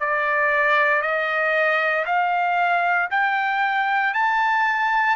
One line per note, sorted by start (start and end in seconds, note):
0.00 1.01 D5
1.01 2.05 D#5
2.05 3.09 F5
3.10 4.13 G5
4.13 5.16 A5